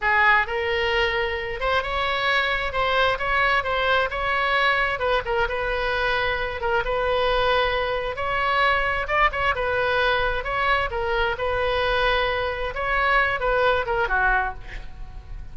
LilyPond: \new Staff \with { instrumentName = "oboe" } { \time 4/4 \tempo 4 = 132 gis'4 ais'2~ ais'8 c''8 | cis''2 c''4 cis''4 | c''4 cis''2 b'8 ais'8 | b'2~ b'8 ais'8 b'4~ |
b'2 cis''2 | d''8 cis''8 b'2 cis''4 | ais'4 b'2. | cis''4. b'4 ais'8 fis'4 | }